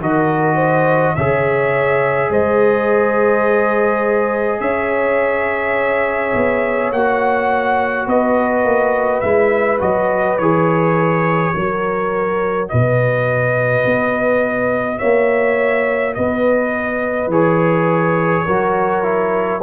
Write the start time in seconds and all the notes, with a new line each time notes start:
0.00 D#3 F#4 A#4 D#5
0.55 C5
1.15 C#3 G#4 C#5 E5
2.30 G#3 C5 D#5
4.61 C#4 C#5 E5
6.34 B3
6.92 A#3 F#4 F#5
8.07 B3 B4 D#5
8.65 A#3
9.21 G#3 E4 E5
9.80 F#3 F#4 D#5
10.38 E3 G#4 C#5
11.54 F#3 F#4 A#4
12.69 B2 B4 D#5
13.85 B3
14.98 A#3 C#5 E5
16.14 B3 B4 D#5
17.27 E3 G#4 C#5
18.45 F#3 F#4 A#4
19.03 E4